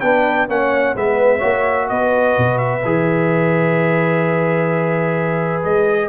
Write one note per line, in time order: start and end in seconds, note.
0.00 0.48 B3
0.00 0.48 D4
0.00 0.49 B4
0.00 0.47 G5
0.48 0.95 A#3
0.48 0.95 C#4
0.48 0.96 C#5
0.48 0.97 F#5
0.95 1.42 G#3
0.95 1.40 B3
0.95 1.38 B4
0.95 1.89 E5
1.38 1.90 A#3
1.38 2.81 F#4
1.38 1.85 C#5
1.89 2.37 B3
1.89 6.08 B4
1.89 2.58 D#5
2.38 2.84 B2
2.58 5.63 E5
2.84 5.65 E3
2.84 6.08 G#4
5.64 6.08 G#3
5.64 6.08 D#5